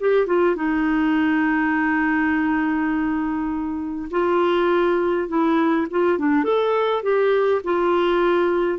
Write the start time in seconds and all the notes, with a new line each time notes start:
0.00 G4
0.26 F4
0.56 D#4
4.11 F4
5.28 E4
5.91 F4
6.18 D4
6.44 A4
7.03 G4
7.64 F4